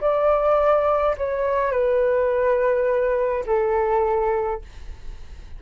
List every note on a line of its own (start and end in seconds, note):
0.00 1.15 D5
1.17 1.71 C#5
1.71 3.44 B4
3.46 4.62 A4